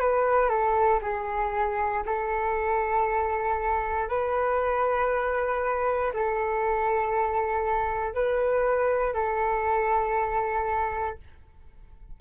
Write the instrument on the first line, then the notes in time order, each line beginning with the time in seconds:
flute
0.00 B4
0.49 A4
1.02 G#4
2.06 A4
4.09 B4
6.13 A4
8.14 B4
9.14 A4